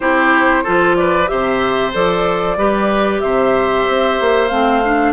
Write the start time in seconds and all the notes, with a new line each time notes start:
0.00 C4 E4 G4 C5
0.63 F3 F4 A4
0.96 B4 D5
1.27 C3 G4 C5 E5
1.93 F3 A4 D5
2.57 G3 G4 B4
3.19 C3 C5 E5
3.88 C4
4.20 A#3
4.47 A3 C4 F5
4.84 D4